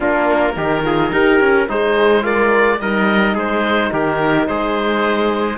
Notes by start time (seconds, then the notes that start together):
0.00 A#3 D4 F4 A#4
0.55 D#3 D#4 G4
0.84 F4 G#4
1.11 D#4 G4 A#4
1.40 C#4
1.69 G#3 D#4 G#4 C5
2.22 F4 A#4 D5
2.80 G3 D#4 A#4 D#5
3.34 G#3 G#4 C5
3.92 D#3 G4 A#4
4.47 G#3 G#4 C5